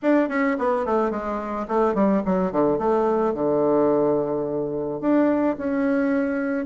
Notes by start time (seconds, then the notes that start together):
0.02 D4
0.29 C#4
0.58 B3
0.85 A3
1.11 G#3
1.68 A3
1.94 G3
2.25 F#3
2.52 D3
2.78 A3
3.34 D3
5.01 D4
5.57 C#4